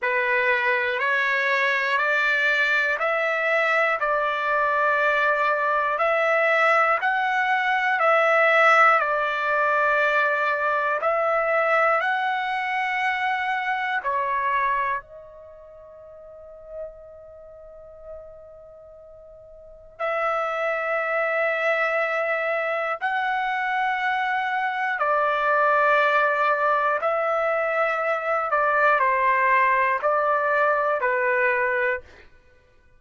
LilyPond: \new Staff \with { instrumentName = "trumpet" } { \time 4/4 \tempo 4 = 60 b'4 cis''4 d''4 e''4 | d''2 e''4 fis''4 | e''4 d''2 e''4 | fis''2 cis''4 dis''4~ |
dis''1 | e''2. fis''4~ | fis''4 d''2 e''4~ | e''8 d''8 c''4 d''4 b'4 | }